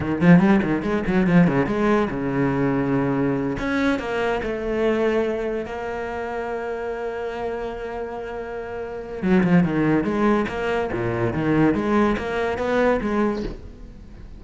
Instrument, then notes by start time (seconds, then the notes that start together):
cello
0.00 D#3
0.21 F3
0.39 G3
0.63 D#3
0.82 G#3
1.06 F#3
1.26 F3
1.47 C#3
1.66 G#3
2.10 C#3
3.58 C#4
3.99 A#3
4.42 A3
5.65 A#3
9.22 F#3
9.43 F3
9.63 D#3
10.03 G#3
10.48 A#3
10.92 A#2
11.33 D#3
11.74 G#3
12.17 A#3
12.58 B3
13.01 G#3